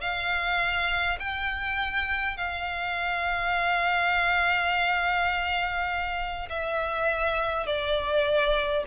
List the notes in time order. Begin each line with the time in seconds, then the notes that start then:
0.00 F5
1.19 G5
2.37 F5
6.49 E5
7.66 D5